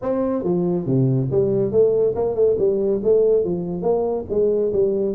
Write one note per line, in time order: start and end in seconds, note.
0.01 0.43 C4
0.43 0.86 F3
0.86 1.29 C3
1.31 1.71 G3
1.71 2.14 A3
2.15 2.35 A#3
2.35 2.56 A3
2.58 3.01 G3
3.03 3.44 A3
3.44 3.82 F3
3.82 4.25 A#3
4.29 4.72 G#3
4.72 5.15 G3